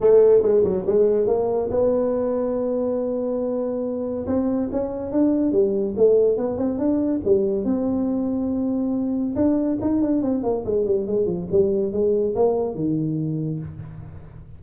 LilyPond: \new Staff \with { instrumentName = "tuba" } { \time 4/4 \tempo 4 = 141 a4 gis8 fis8 gis4 ais4 | b1~ | b2 c'4 cis'4 | d'4 g4 a4 b8 c'8 |
d'4 g4 c'2~ | c'2 d'4 dis'8 d'8 | c'8 ais8 gis8 g8 gis8 f8 g4 | gis4 ais4 dis2 | }